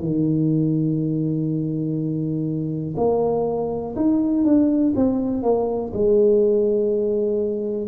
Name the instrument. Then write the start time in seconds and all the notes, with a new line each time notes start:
tuba
0.00 D#3
2.97 A#3
3.96 D#4
4.44 D4
4.96 C4
5.43 A#3
5.93 G#3